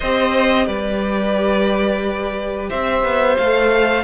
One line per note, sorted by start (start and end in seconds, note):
0.00 0.67 C4
0.00 3.39 G4
0.00 0.66 C5
0.00 0.66 D#5
0.66 2.70 G3
0.66 2.69 B4
0.66 2.69 D5
2.69 3.03 C4
2.69 4.03 C5
2.69 3.37 E5
3.03 3.36 B3
3.37 4.03 A3
3.37 4.03 A4
3.37 4.03 F5